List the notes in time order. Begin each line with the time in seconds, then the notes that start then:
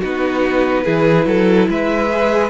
0.00 B3 D#4 F#4 B4
0.84 E3 E4 G#4
1.26 F#3 A4
1.69 G#3 B4 E5
2.10 G#4